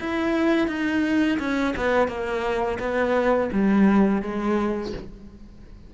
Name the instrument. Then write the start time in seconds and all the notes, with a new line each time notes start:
cello
0.00 E4
0.68 D#4
1.39 C#4
1.76 B3
2.08 A#3
2.79 B3
3.52 G3
4.22 G#3